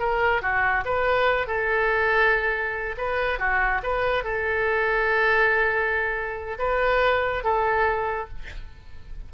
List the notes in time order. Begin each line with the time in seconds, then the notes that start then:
0.00 A#4
0.42 F#4
0.85 B4
1.47 A4
2.98 B4
3.39 F#4
3.83 B4
4.24 A4
6.59 B4
7.44 A4